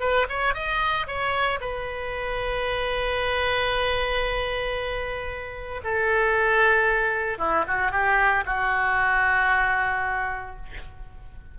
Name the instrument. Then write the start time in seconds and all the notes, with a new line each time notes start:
oboe
0.00 B4
0.28 C#5
0.54 D#5
1.06 C#5
1.60 B4
5.83 A4
7.38 E4
7.67 F#4
7.91 G4
8.45 F#4